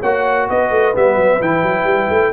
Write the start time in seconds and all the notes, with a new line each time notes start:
0.00 A#3 F#4 C#5 F#5
0.50 B3 B4 D#5
0.71 A3
0.94 G3 B3 E5
1.17 F#3
1.41 E3 E4 G5
1.63 F#3
1.84 G3
2.09 A3